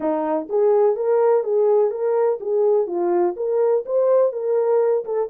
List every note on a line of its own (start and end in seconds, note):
0.00 0.47 D#4
0.49 0.96 G#4
0.96 1.43 A#4
1.43 1.90 G#4
1.90 2.38 A#4
2.40 2.86 G#4
2.86 3.34 F4
3.36 3.84 A#4
3.85 4.32 C5
4.32 5.04 A#4
5.04 5.28 A4